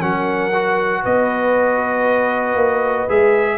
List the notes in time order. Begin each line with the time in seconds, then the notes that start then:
0.00 F#3 C#4 A#4 F#5
0.54 F#4
1.02 B3 B4 D#5
2.54 A#3
3.08 G#3 G#4 E5